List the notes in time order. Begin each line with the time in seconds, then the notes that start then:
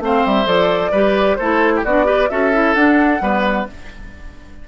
0.00 A3 C4 C5 F5
0.26 G3 E5
0.46 F3 A4 D5
0.92 G3 G4 B4
1.36 A3 E4 A4 C5
1.76 G4
1.84 B3 D4 F#4 D5
2.05 G4 B4
2.30 C#4 F#4 A4 E5
2.53 E4
2.74 D4 F#5
3.21 G3 B3 B4